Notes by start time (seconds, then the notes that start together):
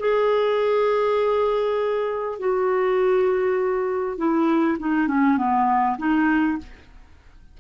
0.00 G#4
2.39 F#4
4.18 E4
4.80 D#4
5.08 C#4
5.37 B3
5.98 D#4